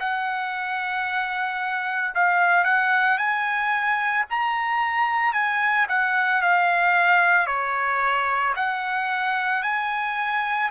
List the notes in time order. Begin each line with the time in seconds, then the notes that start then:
0.00 F#5
2.15 F5
2.64 F#5
3.18 G#5
4.30 A#5
5.33 G#5
5.89 F#5
6.42 F5
7.47 C#5
8.56 F#5
9.63 G#5